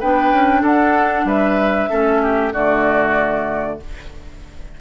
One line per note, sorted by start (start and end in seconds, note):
0.00 0.32 B3
0.00 1.90 D4
0.00 0.62 B4
0.00 0.64 G5
0.32 0.62 C#4
0.62 1.25 D4
0.62 1.25 A4
0.62 1.28 F#5
1.25 1.88 G3
1.25 1.90 B4
1.25 2.54 E5
1.90 2.53 A3
1.90 2.53 C#4
1.90 2.21 A4
2.23 2.53 G4
2.53 3.80 D3
2.53 3.81 A3
2.53 3.79 F#4
2.53 3.80 D5